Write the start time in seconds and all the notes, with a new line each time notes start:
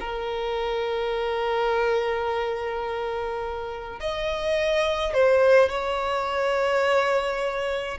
0.00 A#4
4.00 D#5
5.14 C5
5.69 C#5